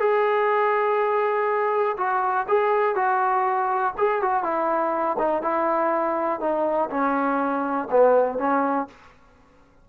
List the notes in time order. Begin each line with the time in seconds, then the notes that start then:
0.00 G#4
1.97 F#4
2.48 G#4
2.96 F#4
3.98 G#4
4.22 F#4
4.43 E4
5.19 D#4
5.42 E4
6.40 D#4
6.90 C#4
7.91 B3
8.39 C#4